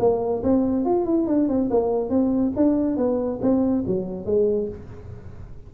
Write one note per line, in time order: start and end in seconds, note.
0.00 0.43 A#3
0.44 0.86 C4
0.86 1.06 F4
1.06 1.27 E4
1.27 1.49 D4
1.49 1.70 C4
1.71 2.10 A#3
2.10 2.53 C4
2.57 2.97 D4
2.97 3.40 B3
3.42 3.85 C4
3.87 4.26 F#3
4.26 4.69 G#3